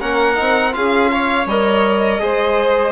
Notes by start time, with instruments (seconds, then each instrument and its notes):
0.00 bassoon A#3, trombone C#4, violin A#4 F#5
0.36 bassoon C4, trombone D#4
0.72 bassoon C#4, trombone F4, violin G#4 F5
1.11 violin C#5
1.46 bassoon G3, trombone A#4, violin D#5
2.19 bassoon G#3, trombone G#4, violin C5